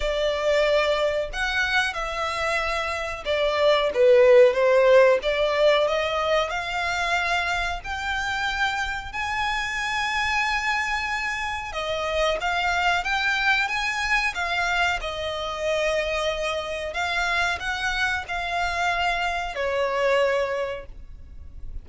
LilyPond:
\new Staff \with { instrumentName = "violin" } { \time 4/4 \tempo 4 = 92 d''2 fis''4 e''4~ | e''4 d''4 b'4 c''4 | d''4 dis''4 f''2 | g''2 gis''2~ |
gis''2 dis''4 f''4 | g''4 gis''4 f''4 dis''4~ | dis''2 f''4 fis''4 | f''2 cis''2 | }